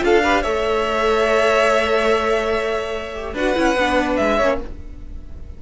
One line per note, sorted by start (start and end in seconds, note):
0.00 0.45 D4
0.00 0.21 F4
0.00 0.23 A4
0.00 0.43 F5
0.23 0.44 G4
0.23 0.42 B4
0.42 3.34 A3
0.42 3.14 A4
0.42 3.34 C#5
0.42 3.35 E5
3.14 3.35 G4
3.34 3.55 D4
3.34 3.56 F#4
3.34 4.37 B4
3.34 4.16 F#5
3.56 3.76 C#4
3.56 3.76 E4
3.76 4.18 B3
3.76 4.41 D4
4.16 4.40 G#3
4.16 4.58 E5
4.37 4.61 A#3
4.37 4.62 C#4
4.37 4.58 C#5